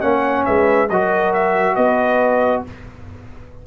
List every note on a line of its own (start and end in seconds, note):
0.00 0.46 A#3
0.00 0.87 C#4
0.00 0.46 C#5
0.00 0.43 F#5
0.44 0.89 G#3
0.44 0.89 B4
0.44 0.88 E5
0.89 1.76 F#3
0.89 2.66 F#4
0.89 1.75 A#4
0.89 1.33 D#5
1.33 1.75 E5
1.75 2.63 B3
1.75 2.62 B4
1.75 2.62 D#5